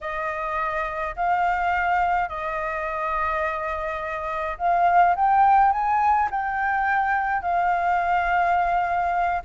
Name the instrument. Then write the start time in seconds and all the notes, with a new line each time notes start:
flute
0.01 D#5
1.16 F5
2.29 D#5
4.58 F5
5.15 G5
5.72 G#5
6.30 G5
7.41 F5